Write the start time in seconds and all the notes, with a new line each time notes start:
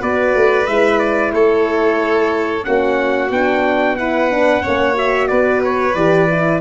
0.00 B3 F#4 B4 D5
0.35 A3
0.66 G#3 E4 E5
0.99 D5
1.33 A3 A4 C#5
2.63 A#3 C#4 F#4 F#5
3.30 B3 D4 G5
3.96 E4 B4 F#5
4.30 D4
4.62 A#3 C#4 C#5
4.94 F#4 E5
5.28 B3 B4 D5
5.64 C#5
5.94 E3 G4 D5
6.31 E4